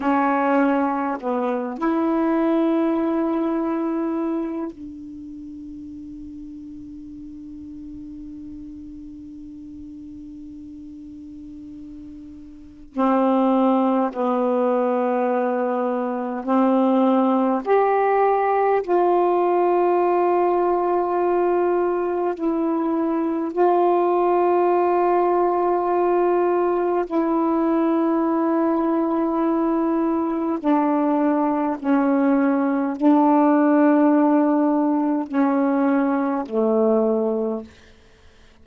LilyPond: \new Staff \with { instrumentName = "saxophone" } { \time 4/4 \tempo 4 = 51 cis'4 b8 e'2~ e'8 | d'1~ | d'2. c'4 | b2 c'4 g'4 |
f'2. e'4 | f'2. e'4~ | e'2 d'4 cis'4 | d'2 cis'4 a4 | }